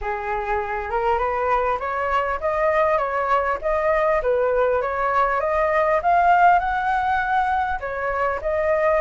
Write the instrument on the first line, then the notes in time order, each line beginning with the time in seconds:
flute
0.01 G#4
0.90 A#4
1.18 B4
1.79 C#5
2.40 D#5
2.98 C#5
3.61 D#5
4.22 B4
4.81 C#5
5.40 D#5
6.02 F5
6.59 F#5
7.80 C#5
8.41 D#5